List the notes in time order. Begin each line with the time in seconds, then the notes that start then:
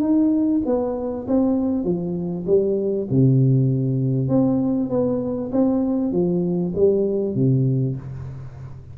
0.00 D#4
0.65 B3
1.27 C4
1.84 F3
2.46 G3
3.10 C3
4.28 C4
4.90 B3
5.52 C4
6.12 F3
6.75 G3
7.34 C3